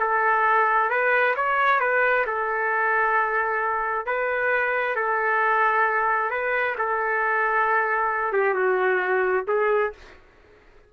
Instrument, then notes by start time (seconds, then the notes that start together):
trumpet
0.00 A4
0.90 B4
1.36 C#5
1.80 B4
2.27 A4
4.06 B4
4.96 A4
6.31 B4
6.78 A4
8.33 G4
8.54 F#4
9.48 G#4